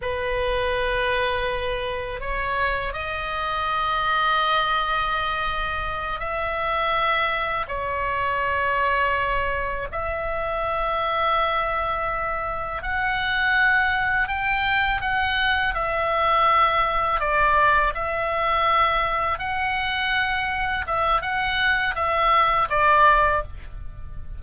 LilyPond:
\new Staff \with { instrumentName = "oboe" } { \time 4/4 \tempo 4 = 82 b'2. cis''4 | dis''1~ | dis''8 e''2 cis''4.~ | cis''4. e''2~ e''8~ |
e''4. fis''2 g''8~ | g''8 fis''4 e''2 d''8~ | d''8 e''2 fis''4.~ | fis''8 e''8 fis''4 e''4 d''4 | }